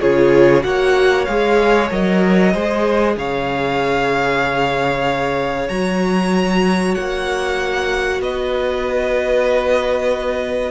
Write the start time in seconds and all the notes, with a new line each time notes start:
0.00 C#3 F4 G#4 C#5
0.61 A#3 F#4 C#5 F#5
1.25 G#3 G#4 F5
1.90 F#3 A#4 D#5
2.52 G#3 G#4 C5
3.16 C#3 C#5 F5
5.68 F#3 F#4 A#5
6.95 A#3 F#5
8.20 B3 B4 D#5